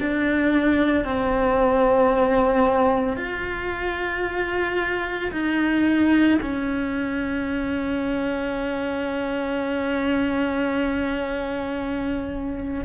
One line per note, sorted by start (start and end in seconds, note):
0.00 1.04 D4
1.04 3.17 C4
3.17 5.31 F4
5.31 6.38 D#4
6.42 12.85 C#4